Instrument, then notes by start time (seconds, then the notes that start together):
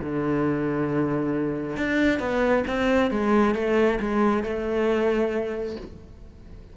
cello
0.00 D3
1.77 D4
2.19 B3
2.67 C4
3.11 G#3
3.55 A3
4.00 G#3
4.43 A3